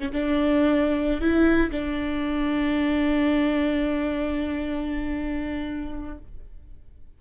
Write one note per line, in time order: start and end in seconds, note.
0.00 0.12 C#4
0.13 1.22 D4
1.22 1.71 E4
1.72 6.18 D4